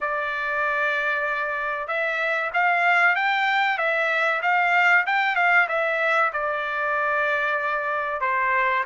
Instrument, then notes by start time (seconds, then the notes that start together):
trumpet
0.00 D5
1.87 E5
2.53 F5
3.15 G5
3.78 E5
4.42 F5
5.06 G5
5.35 F5
5.68 E5
6.32 D5
8.20 C5